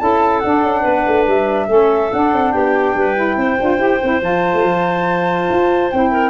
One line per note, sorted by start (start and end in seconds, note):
0.00 0.43 C#4
0.00 0.42 E4
0.00 0.82 A4
0.00 0.40 A5
0.40 0.63 D4
0.40 1.68 D4
0.40 1.24 F#5
0.63 0.84 C#4
0.82 1.07 B3
0.82 1.66 B4
1.07 1.27 A3
1.27 1.68 G3
1.27 2.13 E5
1.68 2.11 A3
1.68 2.11 C#4
1.68 2.54 A4
2.13 2.33 D4
2.13 3.16 D4
2.13 2.53 F#5
2.33 2.54 C4
2.53 2.95 B3
2.53 2.96 G4
2.53 4.22 G5
2.95 3.37 G3
2.95 3.38 B4
3.16 3.58 E4
3.37 3.58 C4
3.37 6.12 C5
3.60 3.79 D4
3.60 3.78 F4
3.78 4.00 E4
3.78 3.99 G4
4.04 4.22 C4
4.04 4.21 E4
4.21 4.53 F3
4.21 5.90 F4
4.21 5.92 A5
4.54 4.64 A3
4.64 5.49 F3
5.50 5.93 F4
5.92 6.31 C4
5.92 6.31 E4
5.92 6.31 G5
6.12 6.31 A#4